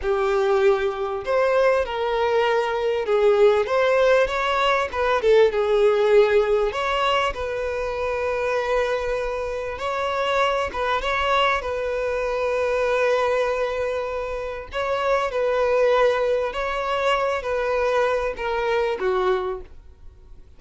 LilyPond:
\new Staff \with { instrumentName = "violin" } { \time 4/4 \tempo 4 = 98 g'2 c''4 ais'4~ | ais'4 gis'4 c''4 cis''4 | b'8 a'8 gis'2 cis''4 | b'1 |
cis''4. b'8 cis''4 b'4~ | b'1 | cis''4 b'2 cis''4~ | cis''8 b'4. ais'4 fis'4 | }